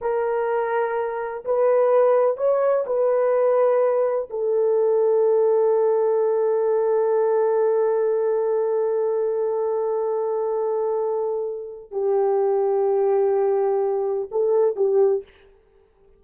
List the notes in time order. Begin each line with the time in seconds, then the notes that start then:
0.01 A#4
1.45 B4
2.37 C#5
2.86 B4
4.30 A4
11.91 G4
14.31 A4
14.76 G4